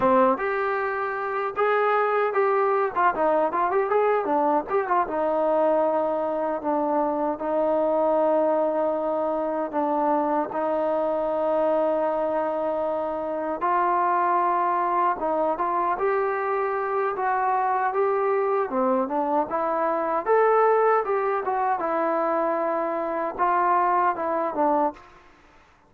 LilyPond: \new Staff \with { instrumentName = "trombone" } { \time 4/4 \tempo 4 = 77 c'8 g'4. gis'4 g'8. f'16 | dis'8 f'16 g'16 gis'8 d'8 g'16 f'16 dis'4.~ | dis'8 d'4 dis'2~ dis'8~ | dis'8 d'4 dis'2~ dis'8~ |
dis'4. f'2 dis'8 | f'8 g'4. fis'4 g'4 | c'8 d'8 e'4 a'4 g'8 fis'8 | e'2 f'4 e'8 d'8 | }